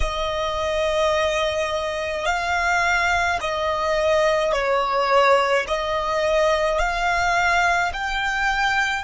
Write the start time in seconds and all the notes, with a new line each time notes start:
0.00 D#5
2.25 F5
3.41 D#5
4.52 C#5
5.67 D#5
6.78 F5
7.93 G5